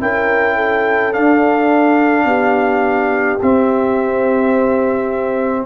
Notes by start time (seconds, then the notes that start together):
0.00 C#4 E4 A#4 G5
0.56 A4
1.13 D4 F5
2.25 B3 G4
3.42 C4 E5